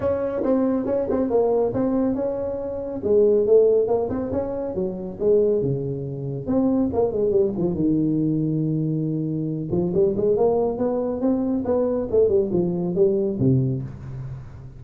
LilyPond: \new Staff \with { instrumentName = "tuba" } { \time 4/4 \tempo 4 = 139 cis'4 c'4 cis'8 c'8 ais4 | c'4 cis'2 gis4 | a4 ais8 c'8 cis'4 fis4 | gis4 cis2 c'4 |
ais8 gis8 g8 f8 dis2~ | dis2~ dis8 f8 g8 gis8 | ais4 b4 c'4 b4 | a8 g8 f4 g4 c4 | }